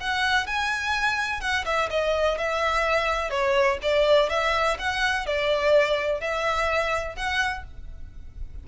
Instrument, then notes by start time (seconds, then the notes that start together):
violin
0.00 F#5
0.46 G#5
1.41 F#5
1.65 E5
1.90 D#5
2.38 E5
3.30 C#5
3.82 D5
4.29 E5
4.78 F#5
5.26 D5
6.21 E5
7.16 F#5